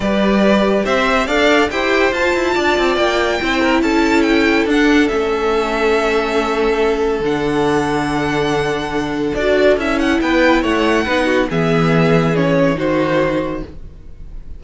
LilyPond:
<<
  \new Staff \with { instrumentName = "violin" } { \time 4/4 \tempo 4 = 141 d''2 e''4 f''4 | g''4 a''2 g''4~ | g''4 a''4 g''4 fis''4 | e''1~ |
e''4 fis''2.~ | fis''2 d''4 e''8 fis''8 | g''4 fis''2 e''4~ | e''4 cis''4 c''2 | }
  \new Staff \with { instrumentName = "violin" } { \time 4/4 b'2 c''4 d''4 | c''2 d''2 | c''8 ais'8 a'2.~ | a'1~ |
a'1~ | a'1 | b'4 cis''4 b'8 fis'8 gis'4~ | gis'2 fis'2 | }
  \new Staff \with { instrumentName = "viola" } { \time 4/4 g'2. a'4 | g'4 f'2. | e'2. d'4 | cis'1~ |
cis'4 d'2.~ | d'2 fis'4 e'4~ | e'2 dis'4 b4~ | b4 cis'4 dis'2 | }
  \new Staff \with { instrumentName = "cello" } { \time 4/4 g2 c'4 d'4 | e'4 f'8 e'8 d'8 c'8 ais4 | c'4 cis'2 d'4 | a1~ |
a4 d2.~ | d2 d'4 cis'4 | b4 a4 b4 e4~ | e2 dis2 | }
>>